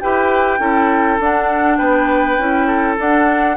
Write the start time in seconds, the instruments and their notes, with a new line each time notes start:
0.00 bassoon E4, clarinet G4, oboe B4, flute G5
0.59 bassoon C#4, clarinet E4, oboe A4
1.19 bassoon D4, clarinet D4, flute F#5
1.77 bassoon B3, oboe B4, flute G5
2.37 bassoon C#4, clarinet E4
2.66 oboe A4
2.97 clarinet D4, bassoon D4, flute F#5